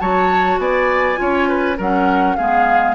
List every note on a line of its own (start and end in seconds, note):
0.00 0.59 F#3
0.00 1.16 F#4
0.00 0.61 C#5
0.00 0.59 A5
0.59 1.18 B3
0.59 1.20 D5
0.59 1.79 G#5
1.16 1.79 C#4
1.16 1.75 F4
1.16 1.49 C#5
1.49 1.78 B4
1.78 2.39 F#3
1.78 2.39 C#4
1.78 2.37 A#4
1.78 2.36 F#5
2.36 2.95 G#3
2.36 2.95 B3
2.36 2.95 G#4
2.36 2.95 F5